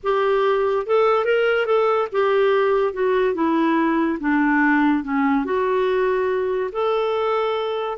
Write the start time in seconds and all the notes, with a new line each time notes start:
0.03 G4
0.86 A4
1.24 A#4
1.66 A4
2.12 G4
2.93 F#4
3.34 E4
4.20 D4
5.03 C#4
5.44 F#4
6.72 A4